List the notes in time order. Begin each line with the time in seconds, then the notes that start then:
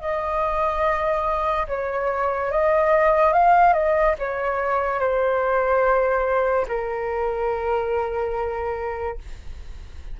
0.00 D#5
1.68 C#5
2.51 D#5
3.33 F5
3.73 D#5
4.19 C#5
5.00 C5
6.68 A#4